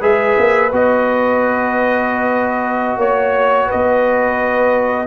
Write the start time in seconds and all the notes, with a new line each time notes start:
0.00 G#3 G#4 B4 E5
0.37 A#3
0.72 B3 F#4 D#5
2.96 A#3 C#5
3.67 B4 D#5
3.73 B3